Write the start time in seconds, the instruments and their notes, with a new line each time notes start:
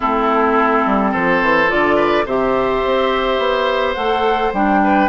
0.00 bassoon A3, clarinet C4, oboe E4, flute A4
0.86 bassoon G3
1.11 bassoon F3, oboe A4, flute C5
1.42 bassoon E3
1.67 bassoon D3, clarinet F4, flute D5
1.96 oboe B4
2.25 bassoon C3, clarinet G4, oboe C5, flute E5
2.85 bassoon C4
3.38 bassoon B3
3.94 bassoon A3, clarinet A4, flute F#5
4.52 bassoon G3, clarinet D4, flute G5
4.83 oboe B4